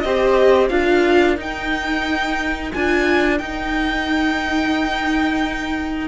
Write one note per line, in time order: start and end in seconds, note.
0.00 0.70 C4
0.00 0.70 G4
0.00 0.72 C5
0.00 0.67 D#5
0.69 1.37 D4
0.69 1.37 F4
0.69 6.08 A#4
0.69 1.36 F5
1.37 2.72 D#4
1.37 2.73 G5
2.73 3.40 D4
2.73 3.40 F4
2.73 3.38 G#5
3.38 6.08 D#4
3.38 6.08 G5